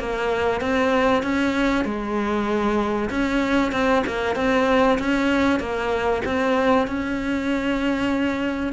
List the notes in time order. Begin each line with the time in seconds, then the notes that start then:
0.00 A#3
0.61 C4
1.23 C#4
1.85 G#3
3.10 C#4
3.72 C4
4.07 A#3
4.36 C4
4.99 C#4
5.60 A#3
6.25 C4
6.88 C#4